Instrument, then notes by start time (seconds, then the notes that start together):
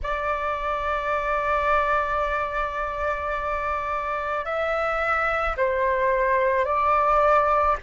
flute
0.03 D5
4.44 E5
5.57 C5
6.65 D5